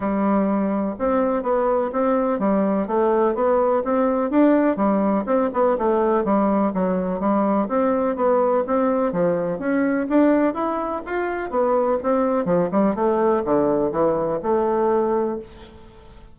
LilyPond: \new Staff \with { instrumentName = "bassoon" } { \time 4/4 \tempo 4 = 125 g2 c'4 b4 | c'4 g4 a4 b4 | c'4 d'4 g4 c'8 b8 | a4 g4 fis4 g4 |
c'4 b4 c'4 f4 | cis'4 d'4 e'4 f'4 | b4 c'4 f8 g8 a4 | d4 e4 a2 | }